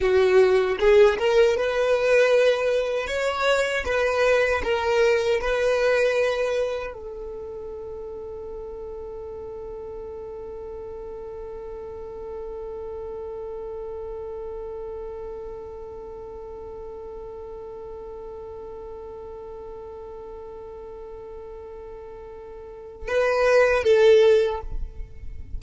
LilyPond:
\new Staff \with { instrumentName = "violin" } { \time 4/4 \tempo 4 = 78 fis'4 gis'8 ais'8 b'2 | cis''4 b'4 ais'4 b'4~ | b'4 a'2.~ | a'1~ |
a'1~ | a'1~ | a'1~ | a'2 b'4 a'4 | }